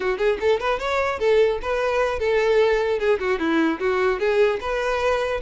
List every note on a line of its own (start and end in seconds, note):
0.00 0.18 F#4
0.18 0.38 G#4
0.40 0.60 A4
0.60 0.79 B4
0.79 1.19 C#5
1.19 1.59 A4
1.62 2.19 B4
2.19 2.99 A4
2.99 3.19 G#4
3.19 3.39 F#4
3.39 3.79 E4
3.79 4.19 F#4
4.19 4.59 G#4
4.61 5.41 B4